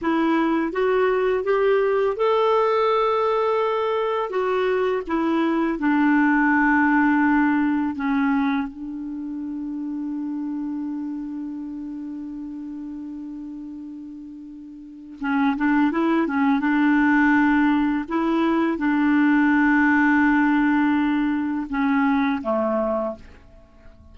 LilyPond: \new Staff \with { instrumentName = "clarinet" } { \time 4/4 \tempo 4 = 83 e'4 fis'4 g'4 a'4~ | a'2 fis'4 e'4 | d'2. cis'4 | d'1~ |
d'1~ | d'4 cis'8 d'8 e'8 cis'8 d'4~ | d'4 e'4 d'2~ | d'2 cis'4 a4 | }